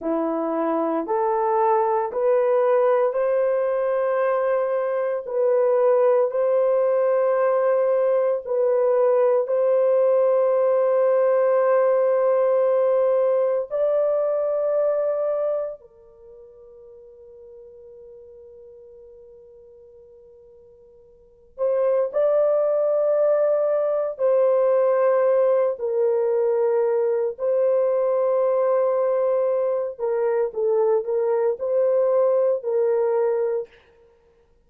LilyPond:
\new Staff \with { instrumentName = "horn" } { \time 4/4 \tempo 4 = 57 e'4 a'4 b'4 c''4~ | c''4 b'4 c''2 | b'4 c''2.~ | c''4 d''2 ais'4~ |
ais'1~ | ais'8 c''8 d''2 c''4~ | c''8 ais'4. c''2~ | c''8 ais'8 a'8 ais'8 c''4 ais'4 | }